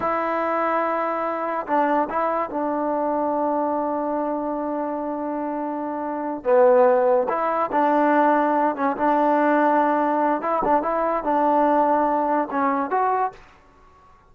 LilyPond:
\new Staff \with { instrumentName = "trombone" } { \time 4/4 \tempo 4 = 144 e'1 | d'4 e'4 d'2~ | d'1~ | d'2.~ d'8 b8~ |
b4. e'4 d'4.~ | d'4 cis'8 d'2~ d'8~ | d'4 e'8 d'8 e'4 d'4~ | d'2 cis'4 fis'4 | }